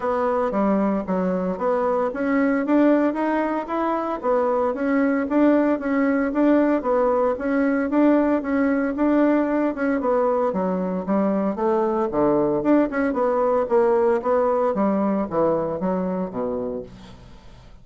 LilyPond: \new Staff \with { instrumentName = "bassoon" } { \time 4/4 \tempo 4 = 114 b4 g4 fis4 b4 | cis'4 d'4 dis'4 e'4 | b4 cis'4 d'4 cis'4 | d'4 b4 cis'4 d'4 |
cis'4 d'4. cis'8 b4 | fis4 g4 a4 d4 | d'8 cis'8 b4 ais4 b4 | g4 e4 fis4 b,4 | }